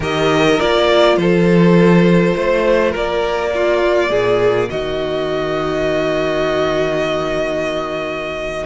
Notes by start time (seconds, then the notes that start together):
0.00 D#3 G4 A#4 D#5
0.58 A#3 F4 D5
1.16 F3 A4 C5
2.35 A3 C5
2.91 A#3 A#4 D5
3.51 A#3 F4
4.10 A#2 G#4
4.70 D#3 F#4 D#5